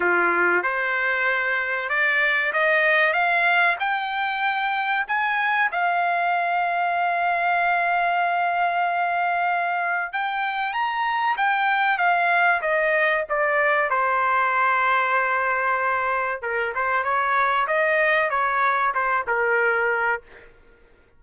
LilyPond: \new Staff \with { instrumentName = "trumpet" } { \time 4/4 \tempo 4 = 95 f'4 c''2 d''4 | dis''4 f''4 g''2 | gis''4 f''2.~ | f''1 |
g''4 ais''4 g''4 f''4 | dis''4 d''4 c''2~ | c''2 ais'8 c''8 cis''4 | dis''4 cis''4 c''8 ais'4. | }